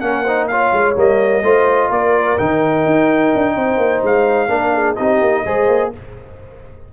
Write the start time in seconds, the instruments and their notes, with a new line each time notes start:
0.00 tuba A#3, trombone C#4, horn A#4, trumpet F#5
0.23 trombone D#4, horn C5
0.47 trombone F4, horn C#5, trumpet F5
0.72 tuba G#3
0.96 tuba G3, trombone A#3, trumpet D#5
1.43 tuba A3, trombone F4, horn C5
1.88 tuba A#3, horn A#4, trumpet D5
2.38 tuba D#3, trombone D#4, trumpet G5
2.85 tuba D#4
3.35 tuba D4
3.55 tuba C4, horn C5
3.77 tuba A#3
4.03 tuba G#3, trumpet F5
4.48 tuba A#3, trombone D4, horn A#4
4.73 horn G#4
4.96 tuba C4, trombone D#4, horn G4, trumpet D#5
5.21 tuba A#3
5.45 tuba G#3, trombone G#4, horn C5
5.68 tuba A#3